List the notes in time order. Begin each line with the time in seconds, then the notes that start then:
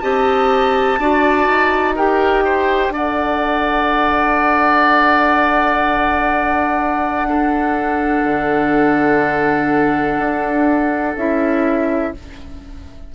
0.00 C4 G4 D#5 A5
0.99 D4 F#4 D5
1.47 D#4
1.95 G4 A#4 G5
2.45 C5
2.89 D4 A4 D5
2.96 F#5
7.28 D4 A4
8.23 D3
10.18 D4
11.16 C#4 E4 E5